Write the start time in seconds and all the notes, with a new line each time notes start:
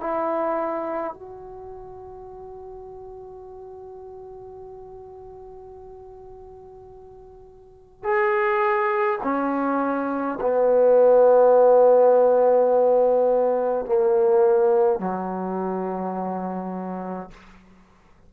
0.00 E4
1.14 F#4
8.03 G#4
9.23 C#4
10.41 B3
13.86 A#3
15.00 F#3